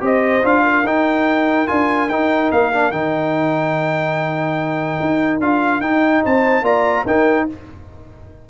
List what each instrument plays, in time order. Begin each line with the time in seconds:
0.00 tuba C4, trombone G4, horn C5, trumpet D#5
0.42 tuba D4, trombone F4, trumpet F5
0.63 horn A#4
0.84 tuba D#4, trombone D#4, trumpet G5
1.67 tuba D4, trombone F4, trumpet G#5
2.09 tuba D#4, trombone D#4, trumpet G5
2.51 tuba A#3, trumpet F5
2.72 trombone D4
2.91 tuba D#3, trombone D#4, trumpet G5
5.00 tuba D#4
5.40 tuba D4, trombone F4, trumpet F5
5.80 tuba D#4, trombone D#4, trumpet G5
6.23 tuba C4, horn C5, trumpet A5
6.62 tuba A#3, trombone F4, horn D5, trumpet A#5
7.06 tuba D#4, trombone D#4, horn A#4, trumpet G5